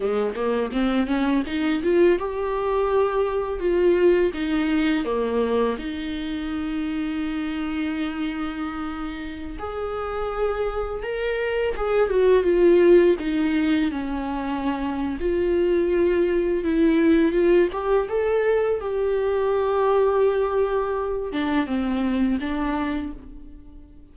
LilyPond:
\new Staff \with { instrumentName = "viola" } { \time 4/4 \tempo 4 = 83 gis8 ais8 c'8 cis'8 dis'8 f'8 g'4~ | g'4 f'4 dis'4 ais4 | dis'1~ | dis'4~ dis'16 gis'2 ais'8.~ |
ais'16 gis'8 fis'8 f'4 dis'4 cis'8.~ | cis'4 f'2 e'4 | f'8 g'8 a'4 g'2~ | g'4. d'8 c'4 d'4 | }